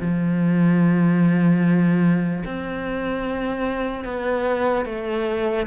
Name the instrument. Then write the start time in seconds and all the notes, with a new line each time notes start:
cello
0.00 F3
2.45 C4
4.04 B3
4.85 A3